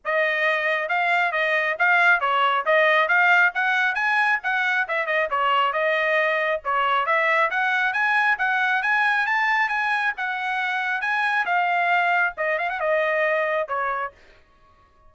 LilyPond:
\new Staff \with { instrumentName = "trumpet" } { \time 4/4 \tempo 4 = 136 dis''2 f''4 dis''4 | f''4 cis''4 dis''4 f''4 | fis''4 gis''4 fis''4 e''8 dis''8 | cis''4 dis''2 cis''4 |
e''4 fis''4 gis''4 fis''4 | gis''4 a''4 gis''4 fis''4~ | fis''4 gis''4 f''2 | dis''8 f''16 fis''16 dis''2 cis''4 | }